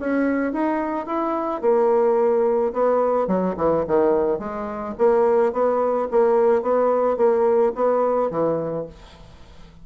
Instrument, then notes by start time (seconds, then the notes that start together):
bassoon
0.00 C#4
0.53 D#4
1.07 E4
1.62 A#3
2.73 B3
3.28 F#3
3.57 E3
3.87 D#3
4.39 G#3
4.98 A#3
5.53 B3
6.11 A#3
6.62 B3
7.17 A#3
7.75 B3
8.31 E3